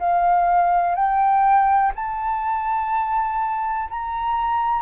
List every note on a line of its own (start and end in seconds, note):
0.00 0.95 F5
0.95 1.92 G5
1.96 3.89 A5
3.91 4.83 A#5